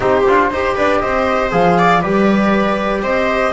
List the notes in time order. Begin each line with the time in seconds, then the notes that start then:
0.00 C4 D#4 G4 C5
0.27 D4 F4
0.50 D#4 G4 C5
0.75 D4 B4 D5
0.99 C4 C5 D#5
1.50 F3 G#4 F5
1.78 D5
2.01 G3 G4 B4 D5
3.02 C4 C5 D#5